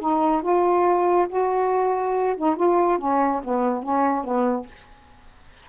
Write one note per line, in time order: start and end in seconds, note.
0.00 0.42 D#4
0.42 1.27 F4
1.29 2.36 F#4
2.37 2.56 D#4
2.56 2.99 F4
2.99 3.41 C#4
3.44 3.83 B3
3.83 4.24 C#4
4.24 4.67 B3